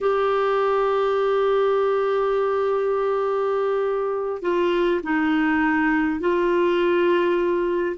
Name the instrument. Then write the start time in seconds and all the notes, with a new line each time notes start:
clarinet
0.01 G4
4.42 F4
5.03 D#4
6.20 F4